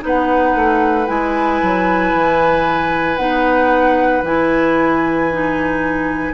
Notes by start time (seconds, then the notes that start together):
0.00 B3 D#4 B4
0.06 F#5
0.55 A3
1.06 G#3 E4 G#5
1.62 F#3
2.13 E3
3.17 B3 D#4 F#5
4.22 E3 E4 G#5
5.31 D#4